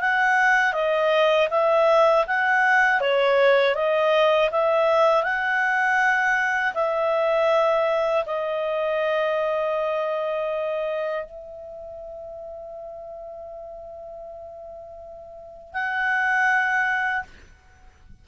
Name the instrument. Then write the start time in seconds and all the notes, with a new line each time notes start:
clarinet
0.00 F#5
0.73 D#5
1.50 E5
2.27 F#5
3.00 C#5
3.75 D#5
4.51 E5
5.23 F#5
6.74 E5
8.25 D#5
11.25 E5
15.73 F#5